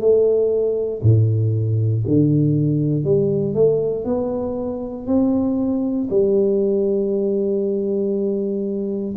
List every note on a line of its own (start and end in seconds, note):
0.00 1.02 A3
1.03 2.04 A2
2.08 3.05 D3
3.05 3.55 G3
3.55 4.05 A3
4.05 5.07 B3
5.07 6.09 C4
6.10 9.15 G3